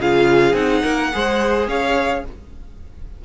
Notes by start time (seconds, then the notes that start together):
0.00 C#3 F4 G#4 F5
0.53 C4 D#4 F#5
0.83 A#3 A#4
1.12 G#3 G#4 C5
1.67 C#4 C#5 F5